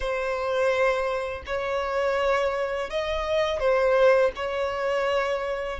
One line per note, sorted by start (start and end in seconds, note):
0.00 1.43 C5
1.46 2.89 C#5
2.89 3.59 D#5
3.59 4.31 C5
4.35 5.79 C#5